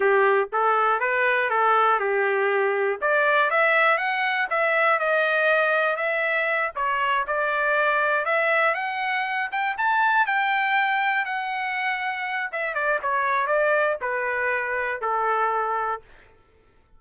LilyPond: \new Staff \with { instrumentName = "trumpet" } { \time 4/4 \tempo 4 = 120 g'4 a'4 b'4 a'4 | g'2 d''4 e''4 | fis''4 e''4 dis''2 | e''4. cis''4 d''4.~ |
d''8 e''4 fis''4. g''8 a''8~ | a''8 g''2 fis''4.~ | fis''4 e''8 d''8 cis''4 d''4 | b'2 a'2 | }